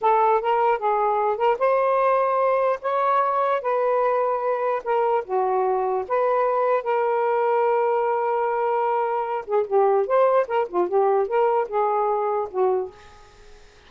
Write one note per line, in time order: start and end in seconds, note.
0.01 0.41 A4
0.41 0.78 A#4
0.78 1.37 G#4
1.37 1.57 A#4
1.59 2.79 C5
2.81 3.61 C#5
3.61 4.82 B4
4.84 5.24 A#4
5.24 6.05 F#4
6.08 6.83 B4
6.83 9.45 A#4
9.46 9.66 G#4
9.66 10.06 G4
10.06 10.46 C5
10.47 10.67 A#4
10.68 10.88 F4
10.88 11.27 G4
11.27 11.67 A#4
11.68 12.48 G#4
12.50 12.90 F#4